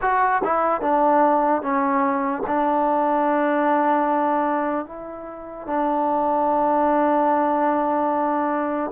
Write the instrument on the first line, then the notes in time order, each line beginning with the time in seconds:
trombone
0.01 F#4
0.43 E4
0.81 D4
1.61 C#4
2.47 D4
4.85 E4
5.66 D4